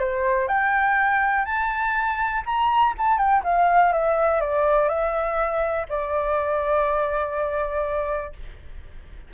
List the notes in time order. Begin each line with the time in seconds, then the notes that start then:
0.00 C5
0.48 G5
1.45 A5
2.46 A#5
2.98 A5
3.18 G5
3.44 F5
3.93 E5
4.41 D5
4.89 E5
5.89 D5